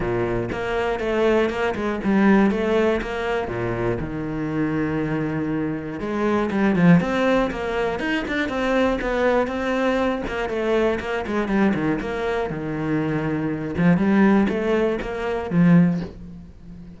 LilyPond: \new Staff \with { instrumentName = "cello" } { \time 4/4 \tempo 4 = 120 ais,4 ais4 a4 ais8 gis8 | g4 a4 ais4 ais,4 | dis1 | gis4 g8 f8 c'4 ais4 |
dis'8 d'8 c'4 b4 c'4~ | c'8 ais8 a4 ais8 gis8 g8 dis8 | ais4 dis2~ dis8 f8 | g4 a4 ais4 f4 | }